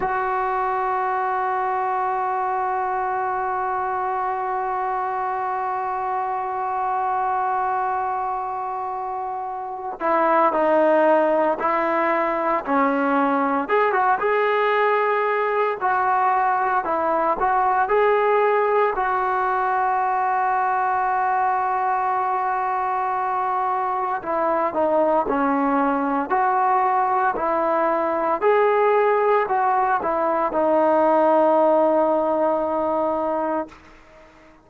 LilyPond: \new Staff \with { instrumentName = "trombone" } { \time 4/4 \tempo 4 = 57 fis'1~ | fis'1~ | fis'4. e'8 dis'4 e'4 | cis'4 gis'16 fis'16 gis'4. fis'4 |
e'8 fis'8 gis'4 fis'2~ | fis'2. e'8 dis'8 | cis'4 fis'4 e'4 gis'4 | fis'8 e'8 dis'2. | }